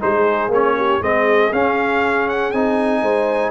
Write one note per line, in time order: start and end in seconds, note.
0.00 0.48 G#3
0.00 0.50 D#4
0.00 0.76 G#4
0.00 0.52 C5
0.48 0.99 A#3
0.48 1.02 C#4
0.48 1.02 C#5
0.77 1.02 G4
1.01 1.51 G#3
1.01 1.52 C4
1.01 3.02 G#4
1.01 1.53 D#5
1.52 2.53 C#4
1.52 2.54 C#4
1.52 2.28 F5
2.28 2.51 F#5
2.51 3.02 C4
2.51 3.50 D#4
2.51 3.50 G#5
3.02 3.50 G#3
3.02 3.50 C5